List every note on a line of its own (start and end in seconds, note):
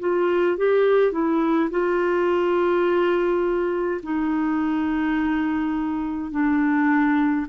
0.00 0.58 F4
0.58 1.12 G4
1.12 1.70 E4
1.70 4.01 F4
4.03 6.31 D#4
6.31 7.47 D4